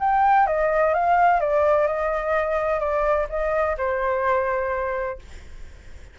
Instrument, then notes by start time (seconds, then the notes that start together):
flute
0.00 G5
0.47 D#5
0.94 F5
1.41 D5
1.88 D#5
2.80 D5
3.30 D#5
3.78 C5